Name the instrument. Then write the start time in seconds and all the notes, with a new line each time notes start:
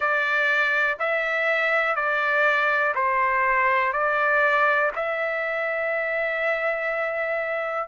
trumpet
0.00 D5
0.99 E5
1.95 D5
2.95 C5
3.93 D5
4.95 E5